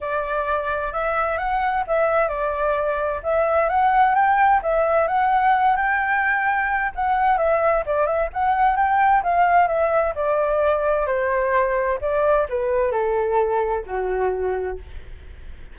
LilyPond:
\new Staff \with { instrumentName = "flute" } { \time 4/4 \tempo 4 = 130 d''2 e''4 fis''4 | e''4 d''2 e''4 | fis''4 g''4 e''4 fis''4~ | fis''8 g''2~ g''8 fis''4 |
e''4 d''8 e''8 fis''4 g''4 | f''4 e''4 d''2 | c''2 d''4 b'4 | a'2 fis'2 | }